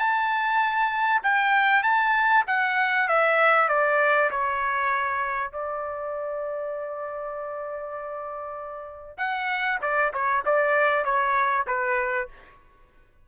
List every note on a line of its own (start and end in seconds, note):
0.00 1.22 A5
1.23 1.83 G5
1.83 2.44 A5
2.47 3.09 F#5
3.09 3.69 E5
3.69 4.31 D5
4.31 5.52 C#5
5.52 9.18 D5
9.18 9.79 F#5
9.82 10.13 D5
10.14 10.44 C#5
10.46 11.05 D5
11.05 11.66 C#5
11.67 12.29 B4